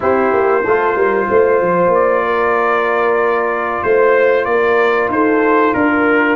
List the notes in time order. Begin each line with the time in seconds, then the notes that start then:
0.00 C4 E4 G4 C5
0.32 A#3
0.63 A3 F4 A4
0.95 G3 A#4
1.28 A3 C5
1.61 F3
1.87 A#3
1.93 D5
2.24 A#4
3.83 A3 C5
4.45 A#3 D5
4.51 A#4
5.08 D#4 A4 C5
5.73 D4 A#4